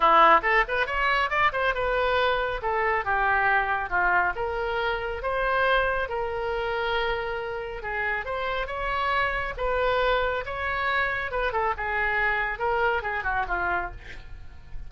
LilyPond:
\new Staff \with { instrumentName = "oboe" } { \time 4/4 \tempo 4 = 138 e'4 a'8 b'8 cis''4 d''8 c''8 | b'2 a'4 g'4~ | g'4 f'4 ais'2 | c''2 ais'2~ |
ais'2 gis'4 c''4 | cis''2 b'2 | cis''2 b'8 a'8 gis'4~ | gis'4 ais'4 gis'8 fis'8 f'4 | }